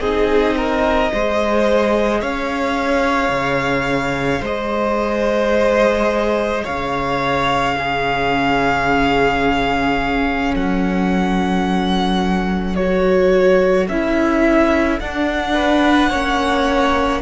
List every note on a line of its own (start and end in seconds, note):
0.00 1.12 C4
0.00 1.12 D#4
0.00 0.56 G#4
0.00 2.22 D#5
0.57 1.13 A#4
1.12 2.22 G#3
1.12 7.77 G#4
1.12 2.22 C5
2.22 3.29 C#4
2.22 4.42 C#5
2.22 4.44 F5
3.29 4.41 C#3
4.42 6.64 G#3
4.42 6.64 C5
4.42 6.66 D#5
6.64 10.56 C#3
6.64 7.75 C#5
6.64 10.54 F5
7.77 12.77 C#4
7.77 10.55 G#4
10.55 13.89 F#3
10.55 15.55 A4
10.55 12.76 F#5
12.76 13.91 F#4
12.76 13.87 C#5
13.89 15.00 C#4
13.89 15.01 E4
13.89 15.00 E5
15.00 16.12 D4
15.00 17.22 F#5
15.55 16.10 B4
16.10 17.22 A#3
16.10 17.22 C#4
16.10 17.21 C#5